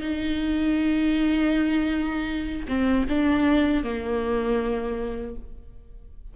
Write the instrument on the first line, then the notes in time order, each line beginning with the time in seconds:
viola
0.00 D#4
2.68 C4
3.09 D4
3.83 A#3